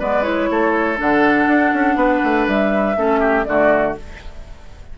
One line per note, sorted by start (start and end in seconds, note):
0.00 0.50 G#3
0.00 0.23 B3
0.00 0.50 B4
0.00 0.24 D5
0.23 0.97 E4
0.23 0.98 C#5
0.50 1.00 A3
0.50 1.98 A4
0.97 1.48 D3
0.97 2.96 D4
0.97 2.48 F#5
1.48 1.72 D4
1.74 1.96 C#4
1.96 2.21 B3
1.96 2.97 B4
2.24 2.48 A3
2.48 2.97 G3
2.48 3.45 E5
2.97 3.47 A3
2.97 3.47 C#4
2.97 3.20 A4
3.20 3.45 G4
3.45 3.97 D3
3.45 3.97 A3
3.45 3.99 F#4
3.45 3.95 D5